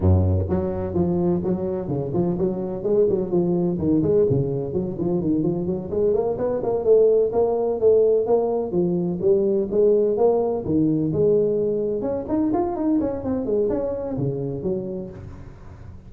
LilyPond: \new Staff \with { instrumentName = "tuba" } { \time 4/4 \tempo 4 = 127 fis,4 fis4 f4 fis4 | cis8 f8 fis4 gis8 fis8 f4 | dis8 gis8 cis4 fis8 f8 dis8 f8 | fis8 gis8 ais8 b8 ais8 a4 ais8~ |
ais8 a4 ais4 f4 g8~ | g8 gis4 ais4 dis4 gis8~ | gis4. cis'8 dis'8 f'8 dis'8 cis'8 | c'8 gis8 cis'4 cis4 fis4 | }